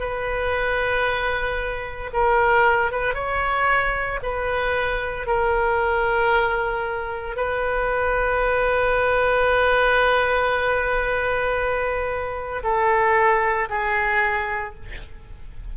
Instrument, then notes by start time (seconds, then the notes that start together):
oboe
0.00 B4
2.13 A#4
2.91 B4
3.14 C#5
4.22 B4
5.26 A#4
7.36 B4
12.63 A4
13.69 G#4